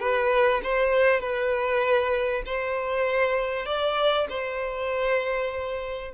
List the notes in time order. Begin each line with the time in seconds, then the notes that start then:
0.00 B4
0.64 C5
1.21 B4
2.46 C5
3.66 D5
4.30 C5